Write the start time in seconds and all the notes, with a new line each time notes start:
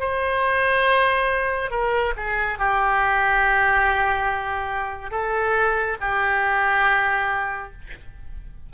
0.00 C5
1.71 A#4
2.17 G#4
2.59 G4
5.11 A4
6.01 G4